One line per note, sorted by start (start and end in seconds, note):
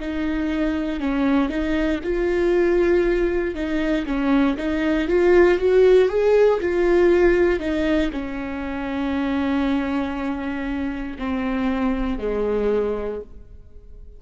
0.00 1.00 D#4
1.00 1.49 C#4
1.49 2.00 D#4
2.03 3.55 F4
3.55 4.05 D#4
4.06 4.57 C#4
4.57 5.08 D#4
5.08 5.58 F4
5.58 6.09 F#4
6.09 6.60 G#4
6.60 7.59 F4
7.59 8.10 D#4
8.12 11.17 C#4
11.19 12.19 C4
12.19 13.21 G#3